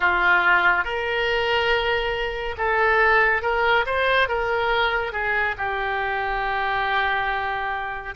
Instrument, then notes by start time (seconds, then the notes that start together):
oboe
0.00 F4
0.84 A#4
2.57 A4
3.42 A#4
3.86 C5
4.28 A#4
5.12 G#4
5.57 G4